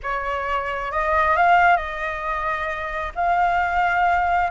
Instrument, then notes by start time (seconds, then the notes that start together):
flute
0.02 C#5
0.91 D#5
1.36 F5
1.77 D#5
3.15 F5